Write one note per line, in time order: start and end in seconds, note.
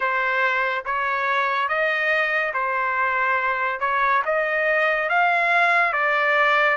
0.00 0.84 C5
0.85 1.68 C#5
1.68 2.52 D#5
2.53 3.80 C5
3.80 4.22 C#5
4.25 5.09 D#5
5.09 5.92 F5
5.92 6.76 D5